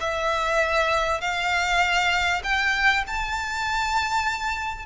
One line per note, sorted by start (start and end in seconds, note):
0.00 1.21 E5
1.21 2.42 F5
2.43 3.04 G5
3.07 4.86 A5